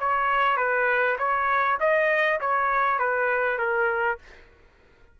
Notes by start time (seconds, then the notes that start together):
0.00 C#5
0.57 B4
1.19 C#5
1.80 D#5
2.41 C#5
2.99 B4
3.59 A#4